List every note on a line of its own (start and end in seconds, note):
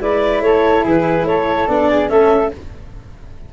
0.00 0.41 G#3
0.00 1.69 E4
0.00 0.43 B4
0.00 0.42 D5
0.41 0.83 A3
0.41 0.85 A4
0.41 0.84 C#5
0.85 1.24 E3
0.85 1.27 G#4
0.85 1.27 B4
1.24 1.66 A3
1.24 1.90 A4
1.24 1.68 C#5
1.68 2.10 B3
1.68 2.10 D4
1.68 2.09 D5
1.90 2.11 G#4
2.09 2.52 A3
2.09 2.51 C#4
2.09 2.54 A4
2.09 2.51 E5